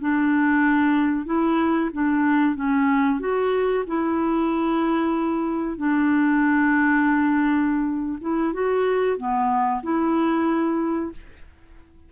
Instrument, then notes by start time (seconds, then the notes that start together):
clarinet
0.00 D4
1.25 E4
1.92 D4
2.55 C#4
3.19 F#4
3.87 E4
5.77 D4
8.21 E4
8.53 F#4
9.17 B3
9.83 E4